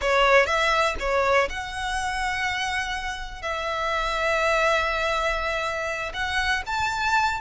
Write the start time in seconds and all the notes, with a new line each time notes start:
0.01 C#5
0.46 E5
0.99 C#5
1.49 F#5
3.42 E5
6.13 F#5
6.66 A5